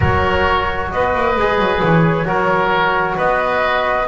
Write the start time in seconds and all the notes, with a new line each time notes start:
0.00 F#3 F#4 A#4 C#5
0.90 B3 B4 D#5
1.14 A#3
1.36 G#3 G#4
1.58 F#3
1.82 E3 C#5
2.24 F#3 F#4 A#4
3.17 B3 B4 D#5